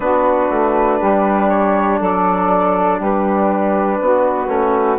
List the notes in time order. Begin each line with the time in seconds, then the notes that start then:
0.00 B3 D4 F#4 B4
0.50 A3
0.99 G3 G4
1.49 C#5
1.98 F#3 A4 D5
2.98 G3 G4 B4
4.00 B3 F#4
4.47 A3 C#4